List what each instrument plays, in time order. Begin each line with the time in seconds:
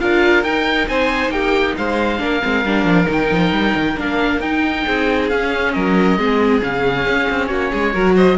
0.00 cello D4, viola F4, violin A#4, oboe F5
0.44 cello D#4, viola D#4, oboe G5
0.88 cello C4, violin C5, oboe G#5
1.30 cello A#3, violin G4, oboe G5
1.77 cello G#3, violin C5, oboe F5
2.19 cello A#3, viola D4, violin A#4
2.43 cello G#3, viola C4
2.65 cello G3, viola D4
2.85 cello F3
3.06 cello D#3, viola D#4
3.12 oboe G5
3.32 cello F3
3.52 cello G3
3.75 cello D#3
3.97 cello A#3, viola D4, oboe F5
4.40 cello D#4, viola D#4, oboe G5
4.85 cello C4, violin G#4
5.30 viola C#4, cello C#4, oboe F5
5.73 cello F#3, violin A#4, oboe D#5
6.18 cello G#3, viola C4, violin G#4
6.61 cello C#3, viola C#4, oboe F5
7.07 cello C#4
7.30 cello C4
7.47 cello A#3, violin F#4, oboe C#5
7.71 cello G#3, violin G#4
7.93 cello F#3, viola F#4, violin A#4
8.16 violin C5, oboe D#5